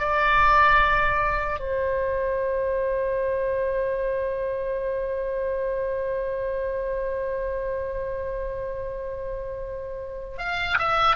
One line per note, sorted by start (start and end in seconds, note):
0.00 1.60 D5
1.60 10.39 C5
10.39 10.79 F5
10.79 11.17 E5